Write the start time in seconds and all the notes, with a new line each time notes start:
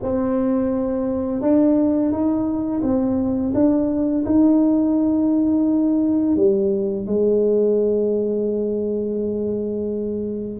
0.02 C4
1.41 D4
2.11 D#4
2.82 C4
3.54 D4
4.25 D#4
6.35 G3
7.06 G#3